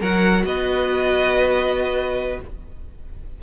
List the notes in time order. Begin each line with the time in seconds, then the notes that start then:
0.00 F#3 F#4 A#4 F#5
0.44 B3 B4 D#5